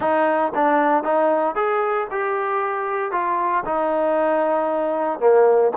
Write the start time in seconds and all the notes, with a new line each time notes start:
0.00 D#4
0.55 D4
1.03 D#4
1.55 G#4
2.10 G4
3.11 F4
3.65 D#4
5.19 A#3